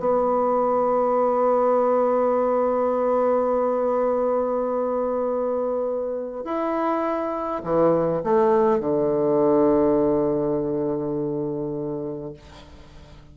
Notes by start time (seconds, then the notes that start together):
0.00 B3
6.45 E4
7.64 E3
8.24 A3
8.81 D3